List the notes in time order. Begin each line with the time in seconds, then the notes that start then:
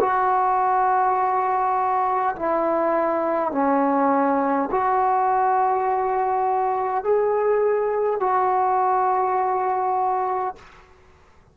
0.00 F#4
2.35 E4
3.51 C#4
4.71 F#4
7.03 G#4
8.20 F#4